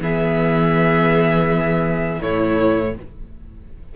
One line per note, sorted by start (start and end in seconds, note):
0.00 2.20 E3
0.00 2.20 B3
0.00 2.21 G#4
0.00 2.22 E5
2.20 2.96 A2
2.20 2.94 A3
2.20 2.94 E4
2.20 2.95 C#5